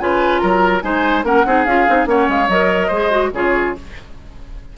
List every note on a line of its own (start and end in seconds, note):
0.00 0.42 C#3
0.00 0.82 F4
0.00 0.42 B4
0.00 0.39 G#5
0.39 0.83 F#3
0.39 0.84 A#4
0.39 0.81 A#5
0.82 1.24 G#3
0.82 1.24 D#4
0.82 1.25 C5
0.82 1.24 G#5
1.24 1.45 A#3
1.24 1.45 C#4
1.24 1.46 A#4
1.24 1.65 F#5
1.46 1.66 C4
1.46 1.68 D#4
1.46 2.10 G#4
1.65 1.87 C#4
1.65 1.88 F4
1.65 2.07 F5
1.88 2.06 C4
1.88 2.06 D#4
2.06 2.27 A#3
2.06 2.48 C#4
2.06 2.88 C#5
2.06 2.30 F#5
2.29 2.49 G#3
2.29 2.50 F5
2.49 2.90 F#3
2.49 2.93 A#4
2.49 3.33 D#5
2.88 3.32 G#3
2.88 3.11 G#4
2.88 3.29 C5
3.11 3.32 F#4
3.33 3.75 C#3
3.33 3.77 F4
3.33 3.77 G#4
3.33 3.78 C#5